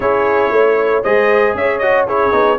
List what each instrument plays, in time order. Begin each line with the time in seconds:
0.00 tuba C#4, trombone E4, horn G#4, trumpet C#5
0.51 tuba A3, horn C#5
1.03 tuba G#3, trombone G#4, horn C5, trumpet D#5
1.54 tuba C#4, horn C#5, trumpet E5
1.78 trombone F#4, trumpet D#5
2.06 trombone E4, horn G#4, trumpet C#5
2.31 tuba B3, trombone D#4